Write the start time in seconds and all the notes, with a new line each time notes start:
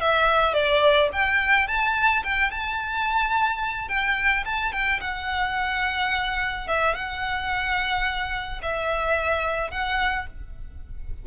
0.00 E5
0.53 D5
1.12 G5
1.67 A5
2.23 G5
2.50 A5
3.88 G5
4.45 A5
4.72 G5
5.01 F#5
6.67 E5
6.94 F#5
8.62 E5
9.70 F#5